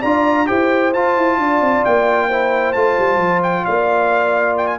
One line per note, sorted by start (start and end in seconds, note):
0.00 0.50 D4
0.00 0.47 F4
0.00 0.45 D5
0.00 0.47 A#5
0.47 0.95 E4
0.47 0.92 G4
0.47 1.39 C5
0.47 0.93 G5
0.94 1.16 F4
0.94 2.31 F4
0.94 1.85 A5
1.16 1.38 E4
1.38 1.61 D4
1.38 2.28 D5
1.61 1.84 C4
1.85 2.76 A#3
1.85 2.73 G5
2.28 2.76 E4
2.28 3.64 C5
2.73 2.98 A3
2.73 4.79 F4
2.73 3.41 A5
2.99 3.18 G3
3.18 3.63 F3
3.44 3.65 G5
3.65 4.79 A#3
3.65 4.79 D5
3.65 4.56 F5
4.58 4.67 G5
4.67 4.78 G#5